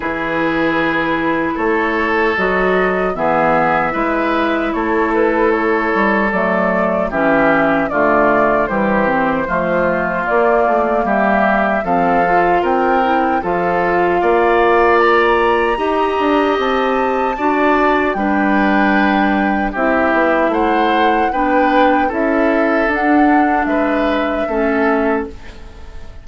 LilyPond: <<
  \new Staff \with { instrumentName = "flute" } { \time 4/4 \tempo 4 = 76 b'2 cis''4 dis''4 | e''2 cis''8 b'8 cis''4 | d''4 e''4 d''4 c''4~ | c''4 d''4 e''4 f''4 |
g''4 f''2 ais''4~ | ais''4 a''2 g''4~ | g''4 e''4 fis''4 g''4 | e''4 fis''4 e''2 | }
  \new Staff \with { instrumentName = "oboe" } { \time 4/4 gis'2 a'2 | gis'4 b'4 a'2~ | a'4 g'4 f'4 g'4 | f'2 g'4 a'4 |
ais'4 a'4 d''2 | dis''2 d''4 b'4~ | b'4 g'4 c''4 b'4 | a'2 b'4 a'4 | }
  \new Staff \with { instrumentName = "clarinet" } { \time 4/4 e'2. fis'4 | b4 e'2. | a4 cis'4 a4 g8 c'8 | a4 ais2 c'8 f'8~ |
f'8 e'8 f'2. | g'2 fis'4 d'4~ | d'4 e'2 d'4 | e'4 d'2 cis'4 | }
  \new Staff \with { instrumentName = "bassoon" } { \time 4/4 e2 a4 fis4 | e4 gis4 a4. g8 | fis4 e4 d4 e4 | f4 ais8 a8 g4 f4 |
c'4 f4 ais2 | dis'8 d'8 c'4 d'4 g4~ | g4 c'8 b8 a4 b4 | cis'4 d'4 gis4 a4 | }
>>